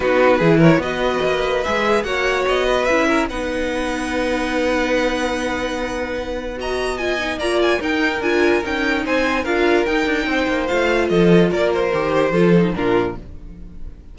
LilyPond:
<<
  \new Staff \with { instrumentName = "violin" } { \time 4/4 \tempo 4 = 146 b'4. cis''8 dis''2 | e''4 fis''4 dis''4 e''4 | fis''1~ | fis''1 |
ais''4 gis''4 ais''8 gis''8 g''4 | gis''4 g''4 gis''4 f''4 | g''2 f''4 dis''4 | d''8 c''2~ c''8 ais'4 | }
  \new Staff \with { instrumentName = "violin" } { \time 4/4 fis'4 gis'8 ais'8 b'2~ | b'4 cis''4. b'4 ais'8 | b'1~ | b'1 |
dis''2 d''4 ais'4~ | ais'2 c''4 ais'4~ | ais'4 c''2 a'4 | ais'2 a'4 f'4 | }
  \new Staff \with { instrumentName = "viola" } { \time 4/4 dis'4 e'4 fis'2 | gis'4 fis'2 e'4 | dis'1~ | dis'1 |
fis'4 f'8 dis'8 f'4 dis'4 | f'4 dis'2 f'4 | dis'2 f'2~ | f'4 g'4 f'8 dis'8 d'4 | }
  \new Staff \with { instrumentName = "cello" } { \time 4/4 b4 e4 b4 ais4 | gis4 ais4 b4 cis'4 | b1~ | b1~ |
b2 ais4 dis'4 | d'4 cis'4 c'4 d'4 | dis'8 d'8 c'8 ais8 a4 f4 | ais4 dis4 f4 ais,4 | }
>>